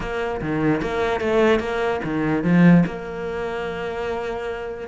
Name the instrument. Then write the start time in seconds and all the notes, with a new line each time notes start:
cello
0.00 A#3
0.41 D#3
0.81 A#3
1.20 A3
1.59 A#3
2.04 D#3
2.43 F3
2.86 A#3